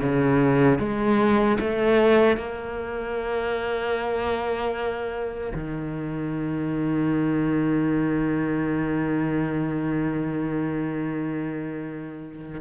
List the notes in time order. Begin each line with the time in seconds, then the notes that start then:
0.00 C#3
0.79 G#3
1.59 A3
2.37 A#3
5.54 D#3